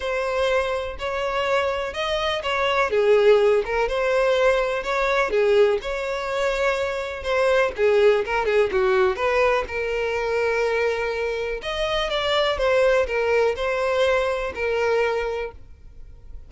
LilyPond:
\new Staff \with { instrumentName = "violin" } { \time 4/4 \tempo 4 = 124 c''2 cis''2 | dis''4 cis''4 gis'4. ais'8 | c''2 cis''4 gis'4 | cis''2. c''4 |
gis'4 ais'8 gis'8 fis'4 b'4 | ais'1 | dis''4 d''4 c''4 ais'4 | c''2 ais'2 | }